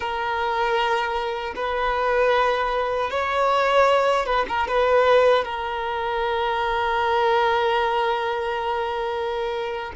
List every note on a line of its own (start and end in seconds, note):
0.00 1.53 A#4
1.55 3.10 B4
3.10 4.26 C#5
4.26 4.45 B4
4.48 4.67 A#4
4.67 5.44 B4
5.44 9.92 A#4